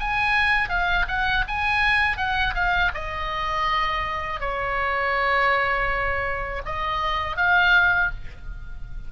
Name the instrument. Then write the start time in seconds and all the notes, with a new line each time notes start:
oboe
0.00 G#5
0.69 F5
1.08 F#5
1.48 G#5
2.18 F#5
2.55 F5
2.95 D#5
4.40 C#5
6.66 D#5
7.37 F5